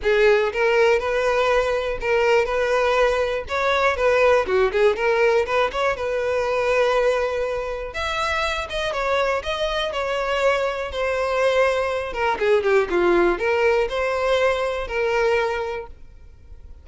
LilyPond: \new Staff \with { instrumentName = "violin" } { \time 4/4 \tempo 4 = 121 gis'4 ais'4 b'2 | ais'4 b'2 cis''4 | b'4 fis'8 gis'8 ais'4 b'8 cis''8 | b'1 |
e''4. dis''8 cis''4 dis''4 | cis''2 c''2~ | c''8 ais'8 gis'8 g'8 f'4 ais'4 | c''2 ais'2 | }